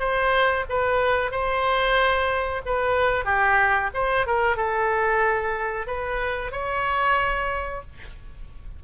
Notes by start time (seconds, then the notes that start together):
0.00 C5
0.70 B4
1.32 C5
2.66 B4
3.25 G4
3.95 C5
4.27 A#4
4.57 A4
5.87 B4
6.52 C#5